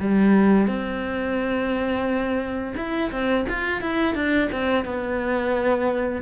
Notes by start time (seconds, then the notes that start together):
0.00 G3
0.68 C4
2.77 E4
3.12 C4
3.49 F4
3.82 E4
4.15 D4
4.52 C4
4.85 B3